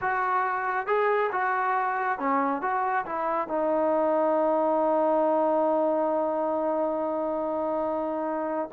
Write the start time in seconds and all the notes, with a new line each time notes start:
0.01 F#4
0.86 G#4
1.32 F#4
2.18 C#4
2.61 F#4
3.05 E4
3.48 D#4